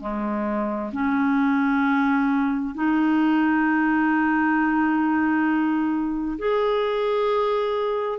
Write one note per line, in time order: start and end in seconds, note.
0.00 0.91 G#3
0.92 2.74 C#4
2.74 6.38 D#4
6.38 8.19 G#4